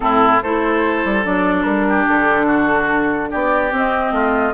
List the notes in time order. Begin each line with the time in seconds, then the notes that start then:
0.00 A2 C4 E4 A4
0.42 A3 E4 A4 C5
1.04 G3
1.23 F#3 D4 D5
1.62 G3 A#4
1.88 G4
2.07 D3 A4
2.46 F#4
3.30 B3 G4 D5
3.71 C4 D#5
4.11 A3 F4